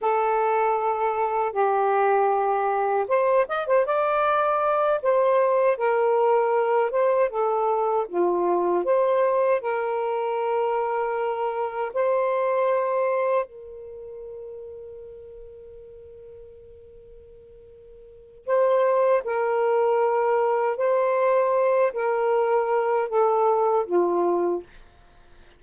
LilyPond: \new Staff \with { instrumentName = "saxophone" } { \time 4/4 \tempo 4 = 78 a'2 g'2 | c''8 dis''16 c''16 d''4. c''4 ais'8~ | ais'4 c''8 a'4 f'4 c''8~ | c''8 ais'2. c''8~ |
c''4. ais'2~ ais'8~ | ais'1 | c''4 ais'2 c''4~ | c''8 ais'4. a'4 f'4 | }